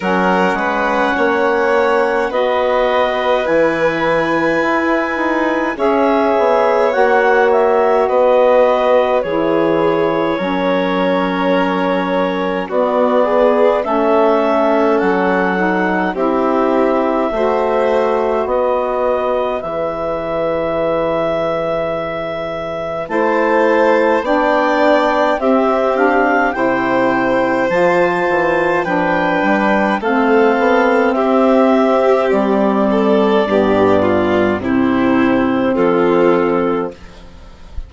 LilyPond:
<<
  \new Staff \with { instrumentName = "clarinet" } { \time 4/4 \tempo 4 = 52 fis''2 dis''4 gis''4~ | gis''4 e''4 fis''8 e''8 dis''4 | cis''2. d''4 | e''4 fis''4 e''2 |
dis''4 e''2. | a''4 g''4 e''8 f''8 g''4 | a''4 g''4 f''4 e''4 | d''2 c''4 a'4 | }
  \new Staff \with { instrumentName = "violin" } { \time 4/4 ais'8 b'8 cis''4 b'2~ | b'4 cis''2 b'4 | gis'4 ais'2 fis'8 gis'8 | a'2 g'4 c''4 |
b'1 | c''4 d''4 g'4 c''4~ | c''4 b'4 a'4 g'4~ | g'8 a'8 g'8 f'8 e'4 f'4 | }
  \new Staff \with { instrumentName = "saxophone" } { \time 4/4 cis'2 fis'4 e'4~ | e'4 gis'4 fis'2 | e'4 cis'2 b4 | cis'4. dis'8 e'4 fis'4~ |
fis'4 gis'2. | e'4 d'4 c'8 d'8 e'4 | f'4 d'4 c'2~ | c'4 b4 c'2 | }
  \new Staff \with { instrumentName = "bassoon" } { \time 4/4 fis8 gis8 ais4 b4 e4 | e'8 dis'8 cis'8 b8 ais4 b4 | e4 fis2 b4 | a4 fis4 c'4 a4 |
b4 e2. | a4 b4 c'4 c4 | f8 e8 f8 g8 a8 b8 c'4 | g4 g,4 c4 f4 | }
>>